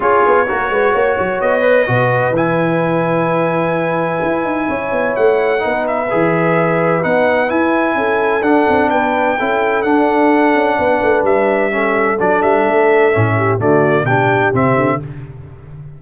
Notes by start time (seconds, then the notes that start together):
0.00 C#4 F4 G#4 C#5
0.26 B3
0.47 A#3 F#4 A#4
0.69 G#3 B4
0.93 A#3 C#5
1.19 F#3
1.40 B3 D#5
1.61 B4
1.86 B2 F#4 B4
2.30 E3 E4 G#5
4.22 E4
4.44 D#4
4.68 C#4 C#5
4.91 B3
5.16 A3 F#5
5.59 B3 D#4 B4
5.87 E5
6.10 E3 G#4
7.02 B3 D#4 F#5
7.47 E4 G#5
7.95 C#4 A4
8.41 D4 F#5
8.68 C4
8.90 B3 B4 G5
9.37 C#4 E4 A4
9.82 D4 F#5
10.54 C#4
10.78 B3 B4
11.02 A3
11.22 G3 E5
11.70 C#4 A4
12.19 F#3 D4 D5
12.41 G3 E5
12.67 A3
13.12 A2 C#4
13.36 G4
13.58 D3 A3 F#4 D5
14.04 B2 D4 G4 G5
14.53 C3 C4 E5
14.76 D3